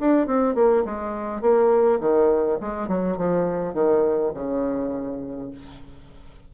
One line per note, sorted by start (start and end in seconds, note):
0.00 0.27 D4
0.27 0.55 C4
0.55 0.84 A#3
0.85 1.41 G#3
1.41 2.00 A#3
2.00 2.58 D#3
2.60 2.88 G#3
2.88 3.17 F#3
3.17 3.74 F3
3.74 4.32 D#3
4.34 5.50 C#3